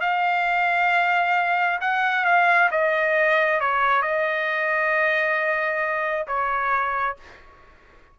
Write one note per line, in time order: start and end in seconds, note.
0.00 1.79 F5
1.80 2.24 F#5
2.24 2.69 F5
2.71 3.60 D#5
3.60 4.02 C#5
4.02 6.26 D#5
6.26 7.16 C#5